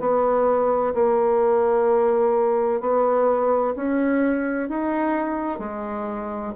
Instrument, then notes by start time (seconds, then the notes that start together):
bassoon
0.00 B3
0.94 A#3
2.80 B3
3.76 C#4
4.69 D#4
5.59 G#3